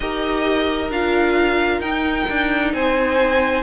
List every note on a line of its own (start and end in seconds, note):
0.00 0.89 D#4
0.00 0.91 G4
0.00 2.73 A#4
0.00 0.91 D#5
0.89 1.80 D4
0.89 1.82 F4
0.89 1.80 F5
1.80 2.25 D#4
1.80 3.62 D#4
1.80 2.71 G5
2.29 2.73 D4
2.73 3.62 C4
2.73 3.62 C5
2.73 3.62 G#5